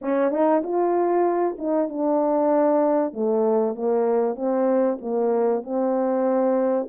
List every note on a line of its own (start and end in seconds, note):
0.01 0.31 C#4
0.31 0.62 D#4
0.63 1.57 F4
1.58 1.89 D#4
1.89 3.12 D4
3.12 3.75 A3
3.75 4.35 A#3
4.35 4.97 C4
5.01 5.62 A#3
5.62 6.87 C4